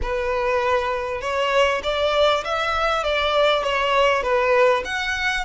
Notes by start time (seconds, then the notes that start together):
0.02 B4
1.21 C#5
1.83 D5
2.44 E5
3.03 D5
3.63 C#5
4.22 B4
4.85 F#5